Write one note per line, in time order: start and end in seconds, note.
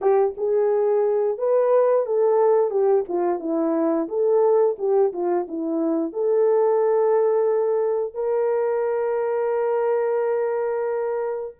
0.01 0.35 G4
0.37 1.38 G#4
1.38 2.06 B4
2.06 2.70 A4
2.70 3.04 G4
3.08 3.39 F4
3.39 4.08 E4
4.08 4.76 A4
4.78 5.12 G4
5.12 5.46 F4
5.48 6.12 E4
6.12 8.14 A4
8.14 11.54 A#4